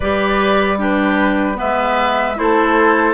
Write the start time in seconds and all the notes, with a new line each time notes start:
0.00 G3 G4 B4 D5
0.78 D4 G4 B4
1.55 B3 B4 E5
1.61 G#3
2.35 A3 E4 A4 C5